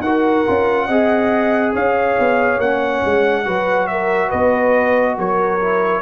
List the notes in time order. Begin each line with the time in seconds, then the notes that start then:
0.00 D#4 F#4 A#4 F#5
0.46 C#4 F4
0.87 C4 G#4 D#5
1.73 C#4 C#5 F5
2.19 B3
2.59 A#3 C#4 F#5
3.06 G#3
3.45 F#3 F#4 B4
3.87 A#4 E5
4.28 B3 B4 D#5
5.17 F#3 A#4 C#5
5.60 E4